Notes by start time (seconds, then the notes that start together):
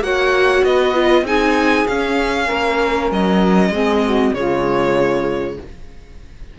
0.00 A#3 F#4 C#5 F#5
0.64 B3 B4 D#5
0.94 F4
1.22 C4 D#4 G#4 G#5
1.87 C#4 F5
2.46 A#3 A#4
3.11 F#3 D#5
3.70 G#3 C4 G#4
4.04 F#4
4.33 C#3 G#3 F4 C#5